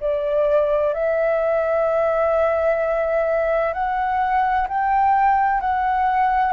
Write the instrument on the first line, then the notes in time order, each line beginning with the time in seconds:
flute
0.00 D5
0.94 E5
3.73 F#5
4.68 G5
5.60 F#5